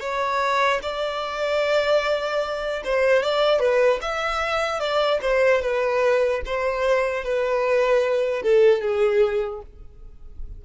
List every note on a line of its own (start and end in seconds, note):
0.00 0.80 C#5
0.82 2.82 D5
2.84 3.23 C5
3.23 3.60 D5
3.60 4.00 B4
4.01 4.80 E5
4.80 5.20 D5
5.21 5.61 C5
5.61 6.41 B4
6.45 7.24 C5
7.24 8.42 B4
8.42 8.81 A4
8.81 9.61 G#4